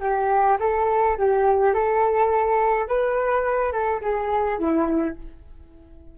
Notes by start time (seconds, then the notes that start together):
0.00 G4
0.59 A4
1.17 G4
1.74 A4
2.87 B4
3.72 A4
4.01 G#4
4.58 E4